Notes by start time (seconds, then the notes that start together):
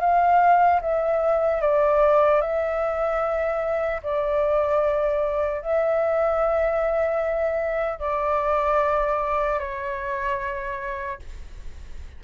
0.00 F5
0.81 E5
1.61 D5
2.41 E5
4.02 D5
5.61 E5
7.99 D5
9.59 C#5